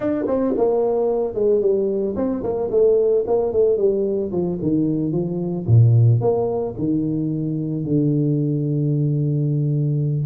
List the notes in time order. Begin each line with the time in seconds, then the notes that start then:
0.00 D4
0.27 C4
0.57 A#3
1.34 G#3
1.61 G3
2.15 C4
2.43 A#3
2.70 A3
3.26 A#3
3.52 A3
3.77 G3
4.31 F3
4.61 D#3
5.12 F3
5.67 A#2
6.20 A#3
6.78 D#3
7.84 D3